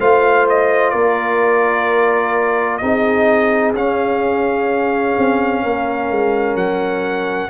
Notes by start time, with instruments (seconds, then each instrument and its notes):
0.00 tuba A3, trombone F4, horn C5, trumpet F5
0.49 trumpet D#5
0.91 tuba A#3, horn A#4, trumpet D5
2.78 tuba C4, trombone D#4, horn G#4, trumpet D#5
3.74 tuba C#4, trombone C#4, trumpet F5
5.18 tuba C4
5.64 tuba A#3, horn A#4
6.11 tuba G#3
6.55 tuba F#3, trumpet F#5